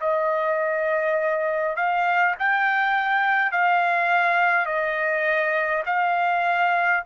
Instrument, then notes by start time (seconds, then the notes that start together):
trumpet
0.00 D#5
1.76 F5
2.39 G5
3.52 F5
4.66 D#5
5.86 F5